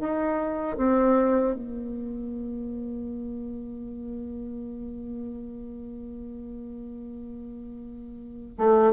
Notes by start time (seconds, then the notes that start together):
0.00 D#4
0.77 C4
1.55 A#3
8.58 A3